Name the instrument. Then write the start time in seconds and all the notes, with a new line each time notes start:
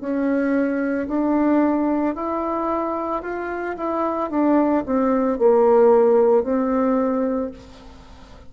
bassoon
0.00 C#4
1.08 D4
2.15 E4
3.22 F4
3.77 E4
4.31 D4
4.86 C4
5.39 A#3
6.43 C4